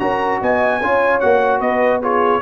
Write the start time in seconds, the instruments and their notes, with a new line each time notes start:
0.00 tuba C#4, trombone F#4, horn A#4, trumpet A#5
0.41 tuba B3, horn D#5, trumpet G#5
0.80 tuba C#4, trombone F4, horn C#5
1.20 tuba A#3, trombone F#4, trumpet F#5
1.60 tuba B3, horn B4, trumpet D#5
2.02 trombone F4, horn G#4, trumpet C#5